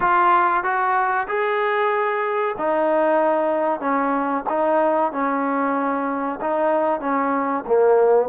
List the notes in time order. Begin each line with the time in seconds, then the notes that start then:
0.00 F4
0.63 F#4
1.28 G#4
2.57 D#4
3.80 C#4
4.49 D#4
5.12 C#4
6.40 D#4
7.00 C#4
7.66 A#3